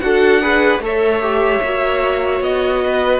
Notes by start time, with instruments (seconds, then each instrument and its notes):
0.00 cello D4, viola F#4, violin A4 F#5
0.41 viola G#4, violin B4
0.78 cello A3, viola A4, violin C#5
0.85 violin E5
1.21 viola G4
1.62 cello A#3, viola F#4
2.41 cello B3, violin D#5
2.85 violin B4